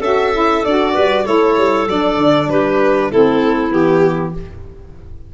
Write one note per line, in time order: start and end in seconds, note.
0.00 0.62 C#4
0.00 0.34 F#4
0.00 0.93 A4
0.00 0.65 E5
0.34 0.65 E4
0.65 0.96 D4
0.65 1.26 F#4
0.65 1.26 D5
0.94 1.27 G3
0.94 1.25 B4
1.25 1.58 A3
1.25 1.88 E4
1.25 2.49 A4
1.25 1.88 C#5
1.58 1.88 G3
1.88 2.17 F#3
1.88 3.13 D4
1.88 2.50 D5
2.17 2.48 D3
2.48 3.10 G3
2.48 3.11 G4
2.48 3.11 B4
3.11 3.72 A3
3.11 3.71 C4
3.11 4.34 E4
3.11 3.72 A4
3.71 4.34 E3
3.71 4.33 B3
3.71 4.34 G4